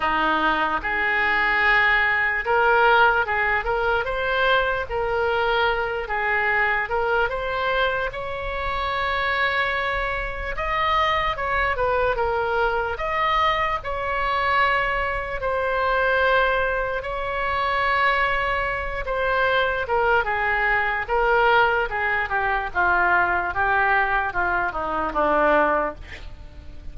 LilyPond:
\new Staff \with { instrumentName = "oboe" } { \time 4/4 \tempo 4 = 74 dis'4 gis'2 ais'4 | gis'8 ais'8 c''4 ais'4. gis'8~ | gis'8 ais'8 c''4 cis''2~ | cis''4 dis''4 cis''8 b'8 ais'4 |
dis''4 cis''2 c''4~ | c''4 cis''2~ cis''8 c''8~ | c''8 ais'8 gis'4 ais'4 gis'8 g'8 | f'4 g'4 f'8 dis'8 d'4 | }